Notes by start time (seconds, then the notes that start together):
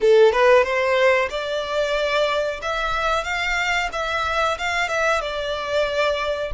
0.00 A4
0.32 B4
0.63 C5
1.30 D5
2.61 E5
3.24 F5
3.92 E5
4.58 F5
4.88 E5
5.21 D5